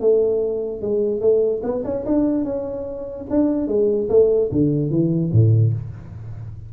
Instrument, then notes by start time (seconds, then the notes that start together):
tuba
0.00 A3
0.81 G#3
1.20 A3
1.63 B3
1.84 C#4
2.05 D4
2.44 C#4
3.29 D4
3.67 G#3
4.09 A3
4.51 D3
4.90 E3
5.32 A2